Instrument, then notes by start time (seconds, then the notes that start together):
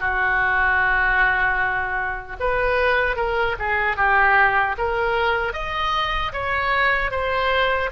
oboe
0.00 F#4
2.40 B4
3.17 A#4
3.59 G#4
3.97 G4
4.78 A#4
5.53 D#5
6.33 C#5
7.11 C5